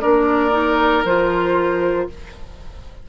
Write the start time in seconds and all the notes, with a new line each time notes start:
0.00 A#3 D4 A#4 D5
0.51 D#4
1.04 F3 F4 C5